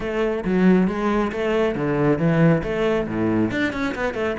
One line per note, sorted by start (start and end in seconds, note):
0.00 0.44 A3
0.44 0.87 F#3
0.87 1.31 G#3
1.32 1.75 A3
1.75 2.18 D3
2.18 2.62 E3
2.63 3.07 A3
3.07 3.51 A2
3.51 3.72 D4
3.72 3.94 C#4
3.94 4.13 B3
4.13 4.35 A3